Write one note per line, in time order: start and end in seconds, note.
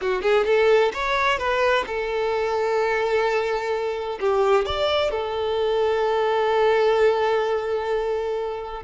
0.01 0.21 F#4
0.21 0.45 G#4
0.45 0.92 A4
0.93 1.38 C#5
1.38 1.85 B4
1.86 4.19 A4
4.20 4.65 G4
4.65 5.10 D5
5.10 8.82 A4